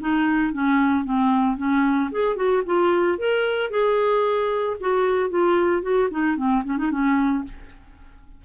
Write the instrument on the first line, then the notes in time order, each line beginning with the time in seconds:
clarinet
0.00 D#4
0.53 C#4
1.05 C4
1.57 C#4
2.11 G#4
2.36 F#4
2.66 F4
3.18 A#4
3.70 G#4
4.80 F#4
5.30 F4
5.82 F#4
6.10 D#4
6.36 C4
6.65 C#4
6.78 D#4
6.91 C#4